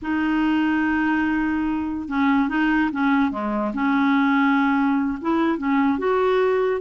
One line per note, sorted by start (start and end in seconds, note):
0.02 2.08 D#4
2.08 2.48 C#4
2.48 2.90 D#4
2.92 3.31 C#4
3.31 3.72 G#3
3.73 5.18 C#4
5.21 5.58 E4
5.58 5.98 C#4
5.98 6.81 F#4